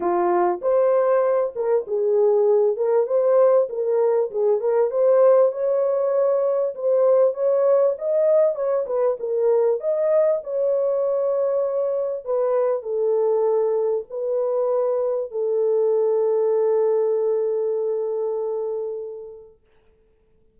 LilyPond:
\new Staff \with { instrumentName = "horn" } { \time 4/4 \tempo 4 = 98 f'4 c''4. ais'8 gis'4~ | gis'8 ais'8 c''4 ais'4 gis'8 ais'8 | c''4 cis''2 c''4 | cis''4 dis''4 cis''8 b'8 ais'4 |
dis''4 cis''2. | b'4 a'2 b'4~ | b'4 a'2.~ | a'1 | }